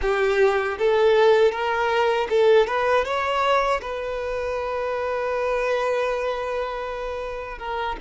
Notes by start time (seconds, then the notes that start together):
0.01 G4
0.78 A4
1.51 A#4
2.29 A4
2.66 B4
3.04 C#5
3.81 B4
7.58 A#4